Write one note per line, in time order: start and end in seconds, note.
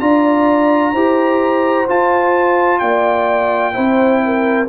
0.00 0.94 D4
0.00 0.94 F4
0.00 0.93 D5
0.00 1.88 A#5
0.93 1.87 E4
0.93 1.87 G4
0.93 2.80 C5
1.87 3.73 F4
1.87 2.82 F4
1.87 2.79 A5
2.79 3.76 A#3
2.79 3.74 D5
2.79 4.66 G5
3.73 4.69 C4
3.73 4.67 E4
3.73 4.21 C5
4.25 4.69 A#4